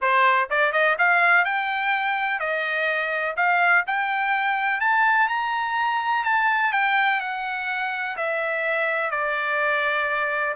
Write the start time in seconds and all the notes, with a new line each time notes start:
0.01 C5
0.50 D5
0.72 D#5
0.98 F5
1.44 G5
2.39 D#5
3.36 F5
3.86 G5
4.80 A5
5.28 A#5
6.24 A5
6.72 G5
7.20 F#5
8.16 E5
9.10 D5